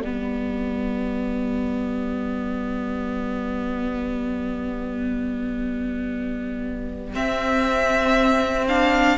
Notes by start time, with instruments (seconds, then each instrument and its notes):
0.00 cello G3, viola B3, violin G4 D5
7.13 viola C4, cello C4, violin E5
8.68 viola D4, violin F5